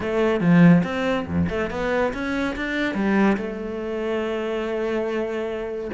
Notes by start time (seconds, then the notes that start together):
0.00 A3
0.40 F3
0.83 C4
1.27 F2
1.49 A3
1.70 B3
2.13 C#4
2.56 D4
2.94 G3
3.37 A3